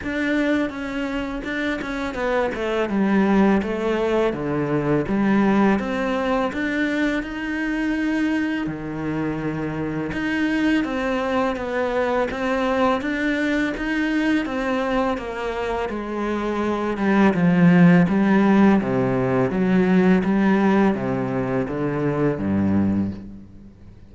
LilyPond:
\new Staff \with { instrumentName = "cello" } { \time 4/4 \tempo 4 = 83 d'4 cis'4 d'8 cis'8 b8 a8 | g4 a4 d4 g4 | c'4 d'4 dis'2 | dis2 dis'4 c'4 |
b4 c'4 d'4 dis'4 | c'4 ais4 gis4. g8 | f4 g4 c4 fis4 | g4 c4 d4 g,4 | }